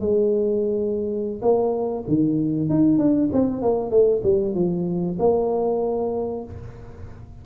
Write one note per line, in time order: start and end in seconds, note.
0.00 1.41 G#3
1.41 2.04 A#3
2.07 2.69 D#3
2.69 2.98 D#4
2.98 3.29 D4
3.32 3.61 C4
3.61 3.90 A#3
3.90 4.22 A3
4.23 4.55 G3
4.55 5.17 F3
5.19 6.44 A#3